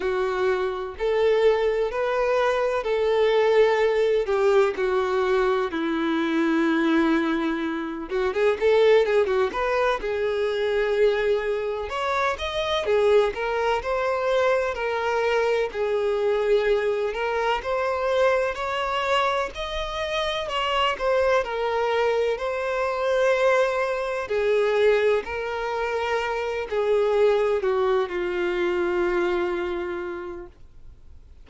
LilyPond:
\new Staff \with { instrumentName = "violin" } { \time 4/4 \tempo 4 = 63 fis'4 a'4 b'4 a'4~ | a'8 g'8 fis'4 e'2~ | e'8 fis'16 gis'16 a'8 gis'16 fis'16 b'8 gis'4.~ | gis'8 cis''8 dis''8 gis'8 ais'8 c''4 ais'8~ |
ais'8 gis'4. ais'8 c''4 cis''8~ | cis''8 dis''4 cis''8 c''8 ais'4 c''8~ | c''4. gis'4 ais'4. | gis'4 fis'8 f'2~ f'8 | }